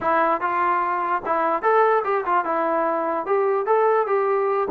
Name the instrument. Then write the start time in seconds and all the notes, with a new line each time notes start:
trombone
0.01 E4
0.40 F4
1.25 E4
1.62 A4
2.04 G4
2.25 F4
2.44 E4
3.25 G4
3.65 A4
4.06 G4